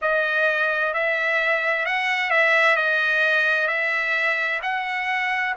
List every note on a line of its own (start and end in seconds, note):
0.01 0.93 D#5
0.93 1.85 E5
1.85 2.30 F#5
2.30 2.76 E5
2.76 3.67 D#5
3.67 4.59 E5
4.62 5.54 F#5